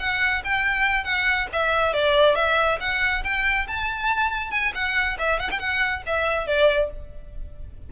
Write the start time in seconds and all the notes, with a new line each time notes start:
0.00 F#5
0.45 G5
1.05 F#5
1.53 E5
1.94 D5
2.36 E5
2.81 F#5
3.24 G5
3.68 A5
4.51 G#5
4.75 F#5
5.19 E5
5.40 F#5
5.52 G5
5.60 F#5
6.07 E5
6.47 D5